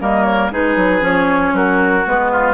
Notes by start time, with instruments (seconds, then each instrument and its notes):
0.00 bassoon G3, clarinet A#3, oboe A#4, flute D#5
0.23 flute C#5
0.51 bassoon G#3, clarinet D#4, oboe G#4, flute B4
0.76 bassoon F#3
1.00 bassoon F3, clarinet C#4, flute C#5
1.52 bassoon F#3, oboe F#4, flute A#4
2.06 bassoon G#3, clarinet B3, flute B4
2.31 oboe F4